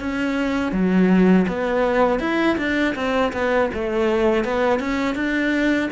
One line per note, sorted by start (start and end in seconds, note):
0.00 0.72 C#4
0.72 1.46 F#3
1.48 2.20 B3
2.20 2.57 E4
2.58 2.95 D4
2.95 3.32 C4
3.33 3.70 B3
3.74 4.44 A3
4.44 4.79 B3
4.79 5.15 C#4
5.15 5.89 D4